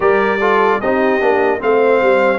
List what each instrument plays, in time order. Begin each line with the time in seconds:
0.00 tuba G3, trombone G4, horn A#4, trumpet D5
0.39 trombone F4, horn A4
0.79 tuba C4, trombone D#4, horn G4, trumpet D#5
1.21 tuba A#3, trombone D4
1.59 tuba A3, trombone C4, horn C5, trumpet F5
2.02 tuba G3